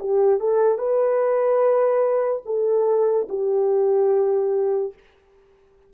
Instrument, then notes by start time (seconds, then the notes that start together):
horn
0.00 G4
0.40 A4
0.78 B4
2.45 A4
3.29 G4